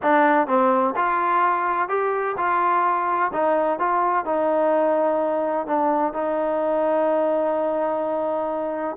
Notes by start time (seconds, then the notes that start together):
0.02 D4
0.47 C4
0.96 F4
1.89 G4
2.37 F4
3.33 D#4
3.79 F4
4.25 D#4
5.66 D4
6.13 D#4